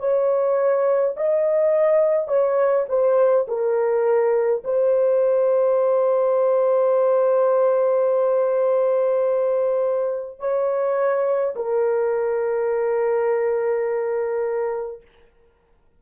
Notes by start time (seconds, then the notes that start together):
0.00 C#5
1.17 D#5
2.28 C#5
2.89 C5
3.48 A#4
4.65 C5
10.40 C#5
11.56 A#4